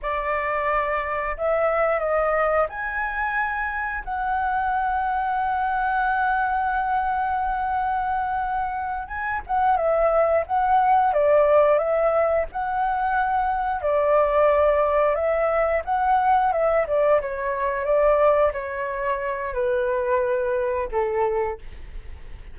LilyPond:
\new Staff \with { instrumentName = "flute" } { \time 4/4 \tempo 4 = 89 d''2 e''4 dis''4 | gis''2 fis''2~ | fis''1~ | fis''4. gis''8 fis''8 e''4 fis''8~ |
fis''8 d''4 e''4 fis''4.~ | fis''8 d''2 e''4 fis''8~ | fis''8 e''8 d''8 cis''4 d''4 cis''8~ | cis''4 b'2 a'4 | }